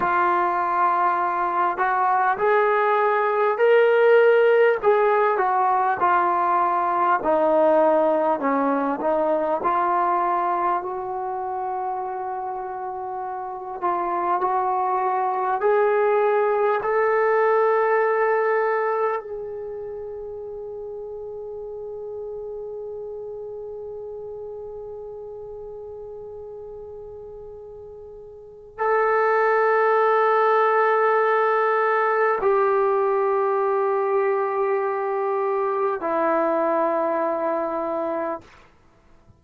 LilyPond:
\new Staff \with { instrumentName = "trombone" } { \time 4/4 \tempo 4 = 50 f'4. fis'8 gis'4 ais'4 | gis'8 fis'8 f'4 dis'4 cis'8 dis'8 | f'4 fis'2~ fis'8 f'8 | fis'4 gis'4 a'2 |
gis'1~ | gis'1 | a'2. g'4~ | g'2 e'2 | }